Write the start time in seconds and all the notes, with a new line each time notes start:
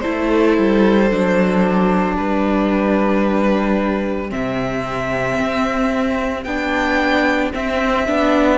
0.00 A3 E4 A4 C5
0.58 G3
1.10 F#3 D4
2.17 G3 G4 B4
4.29 C3 C4 E5
5.40 C4
6.44 B3 D4 G5
7.53 C4 E5
8.06 B3 D4